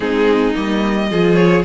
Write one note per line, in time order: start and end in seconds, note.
0.00 0.54 G#3
0.00 0.54 C4
0.00 1.08 D#4
0.00 0.54 G#4
0.54 1.10 G3
0.54 1.09 A#3
0.54 1.35 D#5
1.10 1.64 F3
1.10 1.64 F4
1.10 1.64 G#4
1.35 1.62 C#5